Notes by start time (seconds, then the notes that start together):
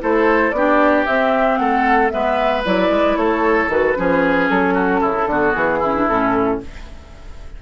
0.00 A3 E4 A4 C5
0.52 B3 D4 G4 D5
1.06 C4 E5
1.57 A3 A4 F#5
2.10 G#3 B3 B4 E5
2.65 F#3 E4 D5
2.90 G#3
3.17 A3 A4 C#5
3.69 D#3 F#4 B4
3.96 F3 C#4 G#4
4.49 F#3 A4
4.74 F#4
5.01 C#3 E4
5.27 D3 B3 F#4
5.53 E3 G#4
5.79 C#4 E4
5.96 D4
6.08 A2 C#4 A4